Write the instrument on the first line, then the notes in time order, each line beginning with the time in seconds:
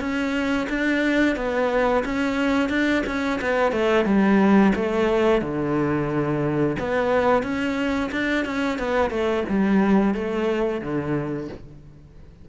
cello
0.00 C#4
0.69 D4
1.36 B3
2.05 C#4
2.70 D4
3.06 C#4
3.41 B3
3.72 A3
4.05 G3
4.75 A3
5.42 D3
6.79 B3
7.43 C#4
8.12 D4
8.45 C#4
8.79 B3
9.10 A3
9.49 G3
10.15 A3
10.81 D3